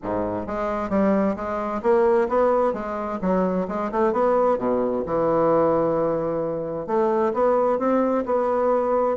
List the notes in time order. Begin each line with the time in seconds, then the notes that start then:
0.02 G#2
0.47 G#3
0.89 G3
1.36 G#3
1.82 A#3
2.28 B3
2.73 G#3
3.21 F#3
3.68 G#3
3.91 A3
4.12 B3
4.58 B2
5.05 E3
6.86 A3
7.33 B3
7.78 C4
8.25 B3